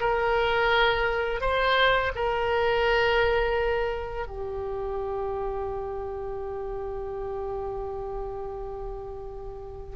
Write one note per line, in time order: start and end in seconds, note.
0.00 1.41 A#4
1.41 2.12 C5
2.15 4.27 A#4
4.27 9.96 G4